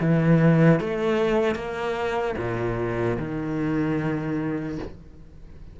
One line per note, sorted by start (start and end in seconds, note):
0.00 0.80 E3
0.80 1.55 A3
1.55 2.35 A#3
2.37 3.17 A#2
3.19 4.79 D#3